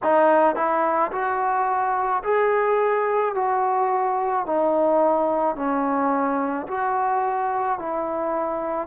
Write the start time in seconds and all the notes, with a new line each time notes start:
0.03 D#4
0.56 E4
1.11 F#4
2.23 G#4
3.34 F#4
4.45 D#4
5.56 C#4
6.67 F#4
7.78 E4